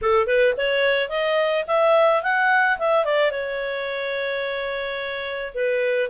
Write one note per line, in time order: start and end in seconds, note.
0.01 0.26 A4
0.26 0.54 B4
0.57 1.09 C#5
1.09 1.64 D#5
1.67 2.22 E5
2.22 2.78 F#5
2.79 3.04 E5
3.04 3.31 D5
3.31 5.53 C#5
5.54 6.10 B4